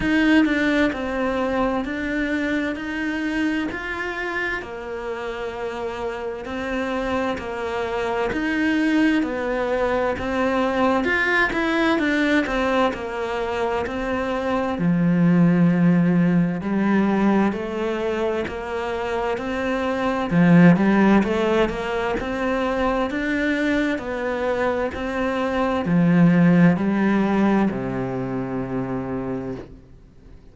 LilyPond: \new Staff \with { instrumentName = "cello" } { \time 4/4 \tempo 4 = 65 dis'8 d'8 c'4 d'4 dis'4 | f'4 ais2 c'4 | ais4 dis'4 b4 c'4 | f'8 e'8 d'8 c'8 ais4 c'4 |
f2 g4 a4 | ais4 c'4 f8 g8 a8 ais8 | c'4 d'4 b4 c'4 | f4 g4 c2 | }